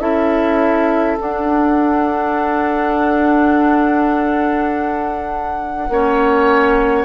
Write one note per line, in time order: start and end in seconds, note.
0.00 1.18 C#4
0.00 1.18 E4
0.00 5.89 A4
0.00 1.18 E5
1.20 5.91 D4
1.20 5.89 D4
1.20 7.05 F#5
5.89 7.05 A#3
5.89 7.05 C#4
5.89 7.05 C#5